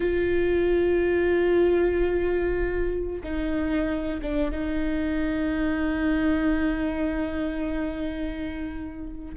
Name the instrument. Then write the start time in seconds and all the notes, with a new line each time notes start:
viola
0.00 F4
3.23 D#4
4.22 D4
4.51 D#4